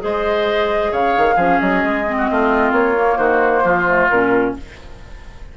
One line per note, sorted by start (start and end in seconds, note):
0.00 0.92 G#3
0.00 1.35 G#4
0.00 0.91 C5
0.00 0.93 D#5
0.91 1.15 C#3
0.91 1.35 C#5
0.91 1.60 F5
1.18 1.36 D#3
1.35 1.59 F3
1.35 2.06 C#4
1.35 2.14 G#4
1.60 1.84 F#3
1.60 2.73 D#5
1.84 2.29 G#3
2.06 2.96 C4
2.18 2.29 F#4
2.31 2.72 A3
2.31 3.18 F4
2.72 3.17 A#3
2.72 3.17 C#5
2.96 3.86 A#3
3.17 3.63 D#3
3.17 3.63 F#4
3.17 4.08 C5
3.64 4.09 F3
3.64 4.55 F4
3.87 4.09 A3
4.09 4.56 A#2
4.09 4.57 C#4
4.09 4.54 A#4